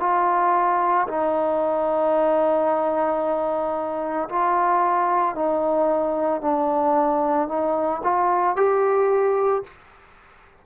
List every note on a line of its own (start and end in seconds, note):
0.00 1.07 F4
1.08 4.29 D#4
4.30 5.36 F4
5.36 6.42 D#4
6.42 7.49 D4
7.49 8.02 D#4
8.04 8.57 F4
8.57 9.64 G4